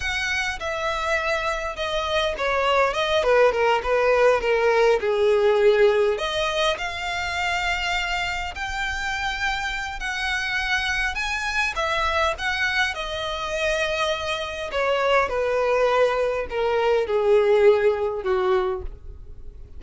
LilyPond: \new Staff \with { instrumentName = "violin" } { \time 4/4 \tempo 4 = 102 fis''4 e''2 dis''4 | cis''4 dis''8 b'8 ais'8 b'4 ais'8~ | ais'8 gis'2 dis''4 f''8~ | f''2~ f''8 g''4.~ |
g''4 fis''2 gis''4 | e''4 fis''4 dis''2~ | dis''4 cis''4 b'2 | ais'4 gis'2 fis'4 | }